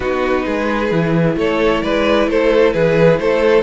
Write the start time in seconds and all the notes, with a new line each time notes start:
0.00 B3 D#4 F#4 B4
0.45 G#3 G#4
0.91 E3 E4
1.36 A3 A4 C#5
1.83 G#3 B4 D5
2.27 A3 A4 C5
2.73 E3 G#4 B4
3.19 A3 A4 C5